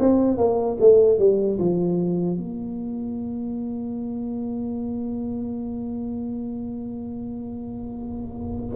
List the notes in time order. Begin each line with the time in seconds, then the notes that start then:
0.00 C4
0.37 A#3
0.81 A3
1.19 G3
1.59 F3
2.38 A#3